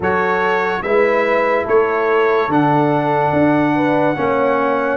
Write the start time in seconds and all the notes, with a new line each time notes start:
0.00 F#3 F#4 A4 C#5
0.82 G#3 E4 B4 E5
1.65 A3 A4 C#5
2.48 D3 D4 F#5
3.32 D4
3.75 B4
4.15 A#3 C#4 C#5